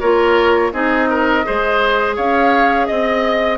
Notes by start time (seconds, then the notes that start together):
0.00 A#3 F4 A#4 C#5
0.73 C4 D#4 G#4 D#5
1.10 A#4
1.44 G#3 G#4 C5
2.16 C#4 C#5 F5
2.86 C4 D#5